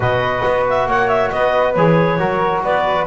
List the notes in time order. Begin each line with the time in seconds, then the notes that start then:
0.00 B2 F#4 B4 D#5
0.44 B3
0.69 E5
0.86 A#3 C#5 F#5
1.08 E5
1.30 B3 B4 D#5
1.74 E3 G#4 C#5
2.18 F#3 F#4 A#4
2.63 B3 B4 D5